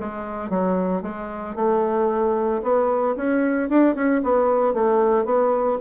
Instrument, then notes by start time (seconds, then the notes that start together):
bassoon
0.00 G#3
0.50 F#3
1.02 G#3
1.55 A3
2.63 B3
3.16 C#4
3.70 D4
3.95 C#4
4.24 B3
4.74 A3
5.25 B3